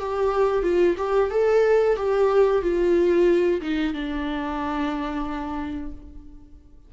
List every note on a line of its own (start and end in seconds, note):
0.00 0.63 G4
0.63 0.96 F4
0.98 1.31 G4
1.31 1.97 A4
1.97 2.62 G4
2.62 3.61 F4
3.61 3.94 D#4
3.94 5.92 D4